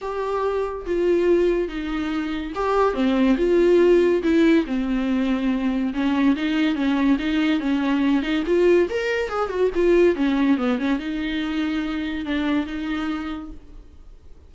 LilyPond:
\new Staff \with { instrumentName = "viola" } { \time 4/4 \tempo 4 = 142 g'2 f'2 | dis'2 g'4 c'4 | f'2 e'4 c'4~ | c'2 cis'4 dis'4 |
cis'4 dis'4 cis'4. dis'8 | f'4 ais'4 gis'8 fis'8 f'4 | cis'4 b8 cis'8 dis'2~ | dis'4 d'4 dis'2 | }